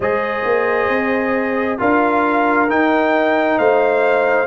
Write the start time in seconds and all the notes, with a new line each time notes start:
0.00 G#3 G#4 C5 D#5
0.43 A#3
0.88 C4
1.78 D4 F4 A#4 F5
2.69 D#4 G5
3.58 A3 C5 F5